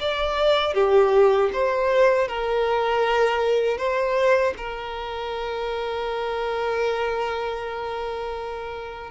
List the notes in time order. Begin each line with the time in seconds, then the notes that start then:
0.00 D5
0.74 G4
1.53 C5
2.28 A#4
3.78 C5
4.57 A#4